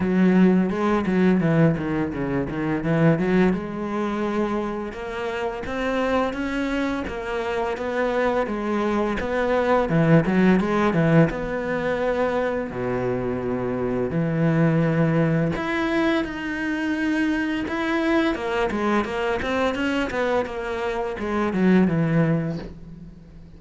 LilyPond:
\new Staff \with { instrumentName = "cello" } { \time 4/4 \tempo 4 = 85 fis4 gis8 fis8 e8 dis8 cis8 dis8 | e8 fis8 gis2 ais4 | c'4 cis'4 ais4 b4 | gis4 b4 e8 fis8 gis8 e8 |
b2 b,2 | e2 e'4 dis'4~ | dis'4 e'4 ais8 gis8 ais8 c'8 | cis'8 b8 ais4 gis8 fis8 e4 | }